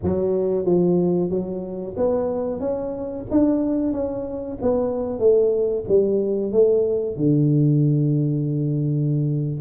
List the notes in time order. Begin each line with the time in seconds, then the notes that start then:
0.03 F#3
0.65 F3
1.30 F#3
1.96 B3
2.59 C#4
3.31 D4
3.92 C#4
4.61 B3
5.19 A3
5.88 G3
6.52 A3
7.16 D3